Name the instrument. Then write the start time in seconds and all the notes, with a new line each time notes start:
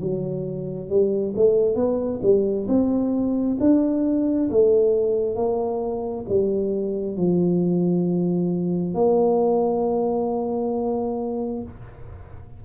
tuba
0.00 F#3
0.89 G3
1.36 A3
1.75 B3
2.23 G3
2.68 C4
3.60 D4
4.50 A3
5.36 A#3
6.29 G3
7.17 F3
8.94 A#3